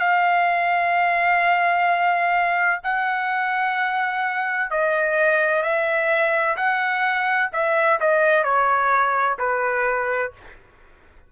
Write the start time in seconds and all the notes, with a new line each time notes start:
0.00 F5
2.84 F#5
4.71 D#5
5.63 E5
6.57 F#5
7.53 E5
8.01 D#5
8.44 C#5
9.39 B4